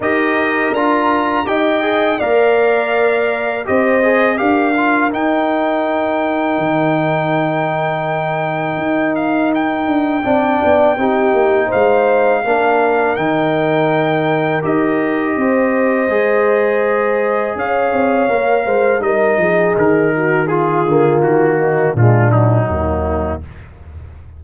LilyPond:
<<
  \new Staff \with { instrumentName = "trumpet" } { \time 4/4 \tempo 4 = 82 dis''4 ais''4 g''4 f''4~ | f''4 dis''4 f''4 g''4~ | g''1~ | g''8 f''8 g''2. |
f''2 g''2 | dis''1 | f''2 dis''4 ais'4 | gis'4 fis'4 f'8 dis'4. | }
  \new Staff \with { instrumentName = "horn" } { \time 4/4 ais'2 dis''4 d''4~ | d''4 c''4 ais'2~ | ais'1~ | ais'2 d''4 g'4 |
c''4 ais'2.~ | ais'4 c''2. | cis''4. c''8 ais'8 gis'4 fis'8 | f'4. dis'8 d'4 ais4 | }
  \new Staff \with { instrumentName = "trombone" } { \time 4/4 g'4 f'4 g'8 gis'8 ais'4~ | ais'4 g'8 gis'8 g'8 f'8 dis'4~ | dis'1~ | dis'2 d'4 dis'4~ |
dis'4 d'4 dis'2 | g'2 gis'2~ | gis'4 ais'4 dis'2 | f'8 ais4. gis8 fis4. | }
  \new Staff \with { instrumentName = "tuba" } { \time 4/4 dis'4 d'4 dis'4 ais4~ | ais4 c'4 d'4 dis'4~ | dis'4 dis2. | dis'4. d'8 c'8 b8 c'8 ais8 |
gis4 ais4 dis2 | dis'4 c'4 gis2 | cis'8 c'8 ais8 gis8 g8 f8 dis4~ | dis8 d8 dis4 ais,4 dis,4 | }
>>